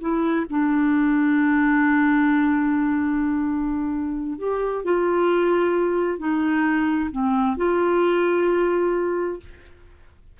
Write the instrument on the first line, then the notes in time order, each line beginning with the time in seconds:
clarinet
0.00 E4
0.49 D4
4.38 G4
4.84 F4
6.18 D#4
7.11 C4
7.57 F4